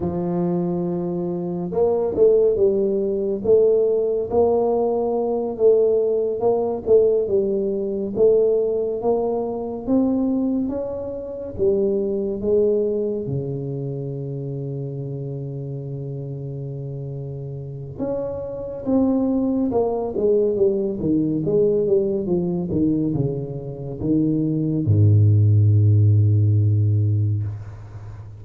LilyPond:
\new Staff \with { instrumentName = "tuba" } { \time 4/4 \tempo 4 = 70 f2 ais8 a8 g4 | a4 ais4. a4 ais8 | a8 g4 a4 ais4 c'8~ | c'8 cis'4 g4 gis4 cis8~ |
cis1~ | cis4 cis'4 c'4 ais8 gis8 | g8 dis8 gis8 g8 f8 dis8 cis4 | dis4 gis,2. | }